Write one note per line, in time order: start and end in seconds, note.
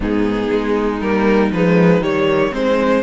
0.00 0.48 G#2
0.00 1.01 B3
0.00 3.00 D#4
0.00 1.01 G#4
0.51 1.01 G#3
1.01 1.51 G3
1.01 1.53 A#3
1.01 1.51 A#4
1.52 2.01 F3
1.52 2.01 G#3
1.52 2.03 B4
2.01 2.51 D#3
2.01 2.51 G3
2.01 2.53 C#5
2.51 3.03 G#3
2.51 3.01 C4
2.51 3.03 C5